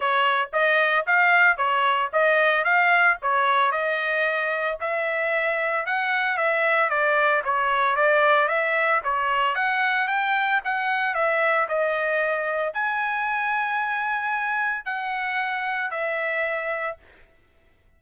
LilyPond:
\new Staff \with { instrumentName = "trumpet" } { \time 4/4 \tempo 4 = 113 cis''4 dis''4 f''4 cis''4 | dis''4 f''4 cis''4 dis''4~ | dis''4 e''2 fis''4 | e''4 d''4 cis''4 d''4 |
e''4 cis''4 fis''4 g''4 | fis''4 e''4 dis''2 | gis''1 | fis''2 e''2 | }